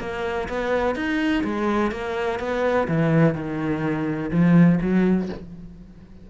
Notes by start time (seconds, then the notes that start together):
0.00 A#3
0.49 B3
0.95 D#4
1.44 G#3
1.91 A#3
2.39 B3
2.88 E3
3.34 D#3
4.31 F3
4.81 F#3